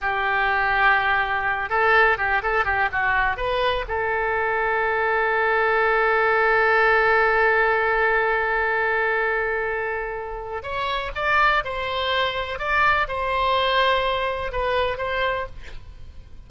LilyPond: \new Staff \with { instrumentName = "oboe" } { \time 4/4 \tempo 4 = 124 g'2.~ g'8 a'8~ | a'8 g'8 a'8 g'8 fis'4 b'4 | a'1~ | a'1~ |
a'1~ | a'2 cis''4 d''4 | c''2 d''4 c''4~ | c''2 b'4 c''4 | }